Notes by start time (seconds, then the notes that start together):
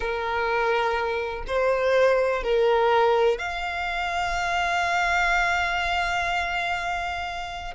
0.00 A#4
1.47 C5
2.43 A#4
3.38 F5